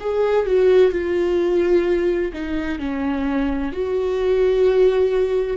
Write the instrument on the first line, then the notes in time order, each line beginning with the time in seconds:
viola
0.00 G#4
0.46 F#4
0.92 F4
2.33 D#4
2.79 C#4
3.72 F#4